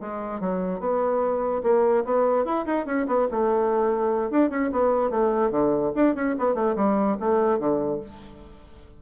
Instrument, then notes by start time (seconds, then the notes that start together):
bassoon
0.00 G#3
0.40 F#3
0.80 B3
1.63 A#3
2.05 B3
2.45 E4
2.66 D#4
2.86 C#4
3.07 B3
3.31 A3
4.31 D4
4.50 C#4
4.71 B3
5.10 A3
5.50 D3
5.95 D4
6.15 C#4
6.38 B3
6.55 A3
6.75 G3
7.20 A3
7.59 D3